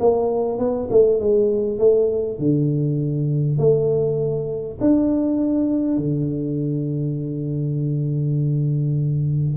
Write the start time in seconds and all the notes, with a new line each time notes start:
0.00 A#3
0.59 B3
0.91 A3
1.20 G#3
1.79 A3
2.39 D3
3.59 A3
4.81 D4
5.98 D3